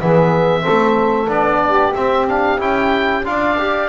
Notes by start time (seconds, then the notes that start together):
0.00 E3 B3 G#4 E5
0.61 C4 A4
0.69 A3
1.28 B3 D4 D5
1.66 G4
1.94 C4 E5
2.28 D4 F5
2.58 C#4 E4 G5
3.24 D4 F4 D5 F5
3.59 G4